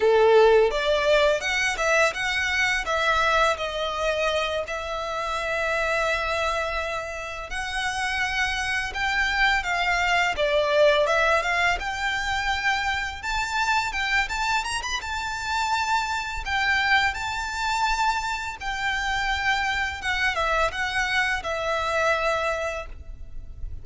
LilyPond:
\new Staff \with { instrumentName = "violin" } { \time 4/4 \tempo 4 = 84 a'4 d''4 fis''8 e''8 fis''4 | e''4 dis''4. e''4.~ | e''2~ e''8 fis''4.~ | fis''8 g''4 f''4 d''4 e''8 |
f''8 g''2 a''4 g''8 | a''8 ais''16 b''16 a''2 g''4 | a''2 g''2 | fis''8 e''8 fis''4 e''2 | }